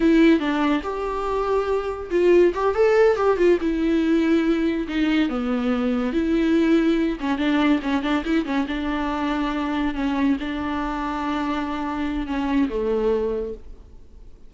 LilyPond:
\new Staff \with { instrumentName = "viola" } { \time 4/4 \tempo 4 = 142 e'4 d'4 g'2~ | g'4 f'4 g'8 a'4 g'8 | f'8 e'2. dis'8~ | dis'8 b2 e'4.~ |
e'4 cis'8 d'4 cis'8 d'8 e'8 | cis'8 d'2. cis'8~ | cis'8 d'2.~ d'8~ | d'4 cis'4 a2 | }